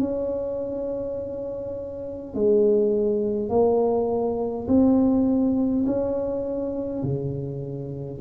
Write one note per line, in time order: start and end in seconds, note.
0.00 2.35 C#4
2.35 3.49 G#3
3.49 4.67 A#3
4.68 5.86 C4
5.87 7.03 C#4
7.03 8.21 C#3